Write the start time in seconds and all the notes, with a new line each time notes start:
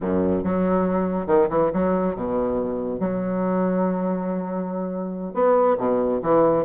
0.00 F#2
0.43 F#3
1.26 D#3
1.49 E3
1.73 F#3
2.15 B2
2.99 F#3
5.34 B3
5.78 B2
6.22 E3